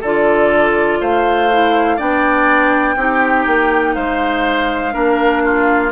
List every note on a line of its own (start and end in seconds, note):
0.00 1.00 D3
0.00 1.51 F4
0.00 0.98 A4
0.00 1.01 D5
1.00 1.99 A3
1.00 1.96 C5
1.00 1.99 F5
1.51 1.98 E4
1.96 2.96 B3
1.96 2.96 D4
1.96 2.94 D5
1.96 3.94 G5
2.96 3.45 C4
2.96 4.92 D#4
2.96 3.95 G4
3.46 3.95 A#3
3.94 4.94 G#3
3.94 4.93 C5
3.94 5.91 F5
4.92 5.91 A#3
4.92 5.90 D4
4.92 5.42 A#4
5.43 5.91 F4